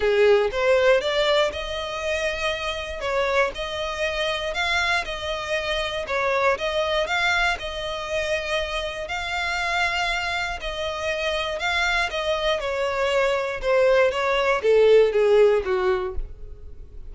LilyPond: \new Staff \with { instrumentName = "violin" } { \time 4/4 \tempo 4 = 119 gis'4 c''4 d''4 dis''4~ | dis''2 cis''4 dis''4~ | dis''4 f''4 dis''2 | cis''4 dis''4 f''4 dis''4~ |
dis''2 f''2~ | f''4 dis''2 f''4 | dis''4 cis''2 c''4 | cis''4 a'4 gis'4 fis'4 | }